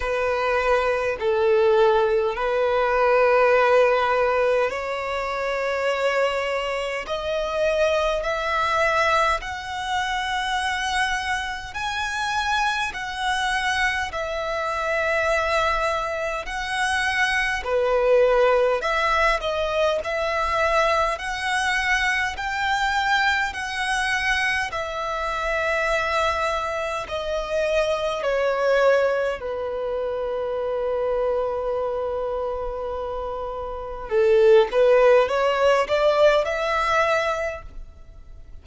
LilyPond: \new Staff \with { instrumentName = "violin" } { \time 4/4 \tempo 4 = 51 b'4 a'4 b'2 | cis''2 dis''4 e''4 | fis''2 gis''4 fis''4 | e''2 fis''4 b'4 |
e''8 dis''8 e''4 fis''4 g''4 | fis''4 e''2 dis''4 | cis''4 b'2.~ | b'4 a'8 b'8 cis''8 d''8 e''4 | }